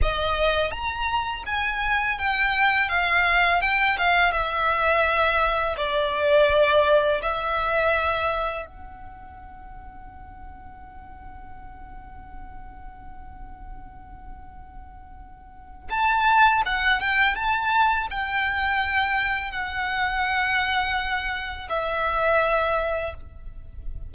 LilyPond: \new Staff \with { instrumentName = "violin" } { \time 4/4 \tempo 4 = 83 dis''4 ais''4 gis''4 g''4 | f''4 g''8 f''8 e''2 | d''2 e''2 | fis''1~ |
fis''1~ | fis''2 a''4 fis''8 g''8 | a''4 g''2 fis''4~ | fis''2 e''2 | }